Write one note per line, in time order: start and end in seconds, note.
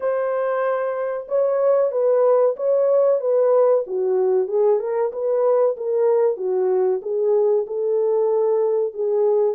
0.00 1.27 C5
1.28 1.91 C#5
1.91 2.55 B4
2.56 3.20 C#5
3.20 3.84 B4
3.86 4.47 F#4
4.47 4.79 G#4
4.79 5.11 A#4
5.12 5.76 B4
5.76 6.37 A#4
6.37 7.00 F#4
7.02 7.66 G#4
7.66 8.93 A4
8.93 9.55 G#4